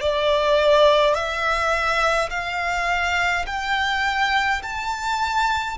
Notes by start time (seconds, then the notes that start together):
0.00 D5
1.14 E5
2.30 F5
3.46 G5
4.62 A5